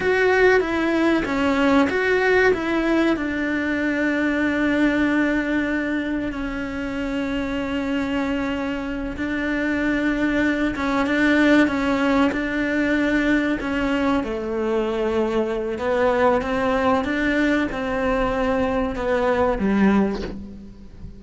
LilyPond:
\new Staff \with { instrumentName = "cello" } { \time 4/4 \tempo 4 = 95 fis'4 e'4 cis'4 fis'4 | e'4 d'2.~ | d'2 cis'2~ | cis'2~ cis'8 d'4.~ |
d'4 cis'8 d'4 cis'4 d'8~ | d'4. cis'4 a4.~ | a4 b4 c'4 d'4 | c'2 b4 g4 | }